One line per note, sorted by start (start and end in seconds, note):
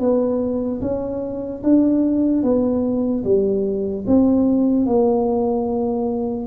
0.00 0.81 B3
0.81 1.63 C#4
1.63 2.43 D4
2.43 3.24 B3
3.24 4.05 G3
4.07 4.86 C4
4.86 6.47 A#3